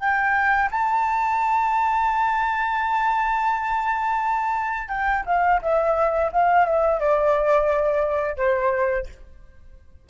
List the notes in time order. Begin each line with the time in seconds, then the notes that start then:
0.00 G5
0.71 A5
4.89 G5
5.26 F5
5.62 E5
6.33 F5
6.66 E5
7.00 D5
8.37 C5